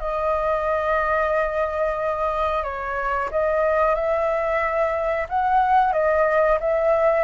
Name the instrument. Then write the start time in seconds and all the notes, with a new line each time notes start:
flute
0.00 D#5
2.63 C#5
3.31 D#5
3.95 E5
5.29 F#5
5.93 D#5
6.60 E5